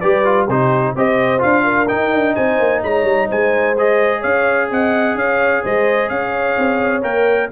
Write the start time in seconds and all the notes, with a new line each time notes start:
0.00 G3 G4 B4 D5
0.25 F4
0.47 C3 D#4 G4 C5
0.96 C4 G4 C5 D#5
1.39 D4 F4 F5
1.64 A#4
1.88 D#4 G5
2.13 D4
2.35 C4 C5 G#5
2.59 A#3
2.83 G#3 C#5 A#5
3.04 G3
3.28 G#3 C5 G#5
3.78 G#4 D#5
4.19 C#4 C#5 F5
4.70 C4 D#5 F#5
5.15 C#4 C#5 F5
5.63 G#3 C5 D#5
6.09 C#4 C#5 F5
6.58 C4
7.02 A#3 A#4 G5